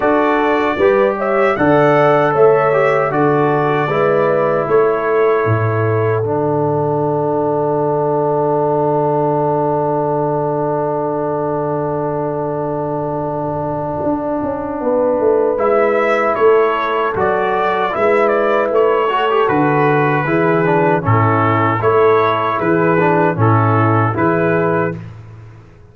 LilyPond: <<
  \new Staff \with { instrumentName = "trumpet" } { \time 4/4 \tempo 4 = 77 d''4. e''8 fis''4 e''4 | d''2 cis''2 | fis''1~ | fis''1~ |
fis''1 | e''4 cis''4 d''4 e''8 d''8 | cis''4 b'2 a'4 | cis''4 b'4 a'4 b'4 | }
  \new Staff \with { instrumentName = "horn" } { \time 4/4 a'4 b'8 cis''8 d''4 cis''4 | a'4 b'4 a'2~ | a'1~ | a'1~ |
a'2. b'4~ | b'4 a'2 b'4~ | b'8 a'4. gis'4 e'4 | a'4 gis'4 e'4 gis'4 | }
  \new Staff \with { instrumentName = "trombone" } { \time 4/4 fis'4 g'4 a'4. g'8 | fis'4 e'2. | d'1~ | d'1~ |
d'1 | e'2 fis'4 e'4~ | e'8 fis'16 g'16 fis'4 e'8 d'8 cis'4 | e'4. d'8 cis'4 e'4 | }
  \new Staff \with { instrumentName = "tuba" } { \time 4/4 d'4 g4 d4 a4 | d4 gis4 a4 a,4 | d1~ | d1~ |
d2 d'8 cis'8 b8 a8 | gis4 a4 fis4 gis4 | a4 d4 e4 a,4 | a4 e4 a,4 e4 | }
>>